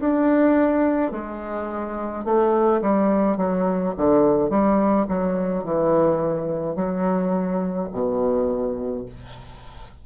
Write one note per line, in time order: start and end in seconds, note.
0.00 1.12 D4
1.12 2.25 G#3
2.25 2.81 A3
2.81 3.37 G3
3.37 3.94 F#3
3.97 4.50 D3
4.50 5.06 G3
5.08 5.64 F#3
5.64 6.76 E3
6.76 7.89 F#3
7.92 9.05 B2